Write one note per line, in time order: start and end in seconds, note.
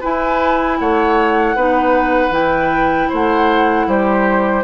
0.00 1.55 E4
0.00 0.80 E4
0.00 0.77 B4
0.00 0.79 G#5
0.79 1.55 A3
0.79 1.55 C#5
0.79 2.33 F#5
1.55 2.30 B3
1.55 2.31 D#4
1.55 3.09 B4
2.30 3.07 E3
2.30 4.62 E4
2.30 3.10 G5
3.09 3.87 A3
3.09 3.86 C5
3.09 3.89 F#5
3.87 4.63 G3
3.87 4.64 G4
3.87 4.64 C5